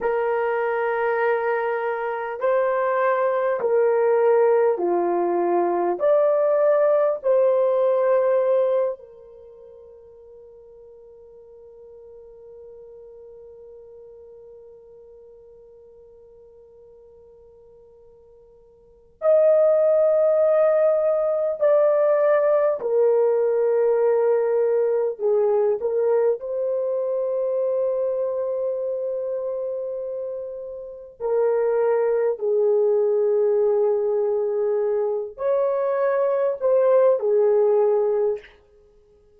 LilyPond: \new Staff \with { instrumentName = "horn" } { \time 4/4 \tempo 4 = 50 ais'2 c''4 ais'4 | f'4 d''4 c''4. ais'8~ | ais'1~ | ais'1 |
dis''2 d''4 ais'4~ | ais'4 gis'8 ais'8 c''2~ | c''2 ais'4 gis'4~ | gis'4. cis''4 c''8 gis'4 | }